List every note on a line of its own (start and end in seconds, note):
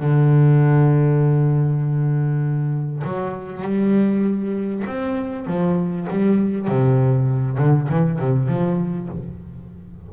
0.00 3.03 D3
3.04 3.62 F#3
3.62 4.83 G3
4.87 5.47 C4
5.47 6.07 F3
6.10 6.68 G3
6.68 7.58 C3
7.58 7.88 D3
7.89 8.19 E3
8.19 8.48 C3
8.48 9.09 F3